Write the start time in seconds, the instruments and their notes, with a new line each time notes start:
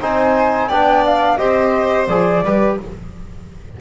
0.00 double bass C4, trombone D#4, violin C5, flute G#5
0.69 double bass B3, trombone D4, violin D5, flute G5
1.06 flute F5
1.38 double bass C4, trombone G4, violin C5, flute D#5
2.08 double bass F3, trombone G#4, flute D5
2.43 double bass G3, trombone G4, violin B4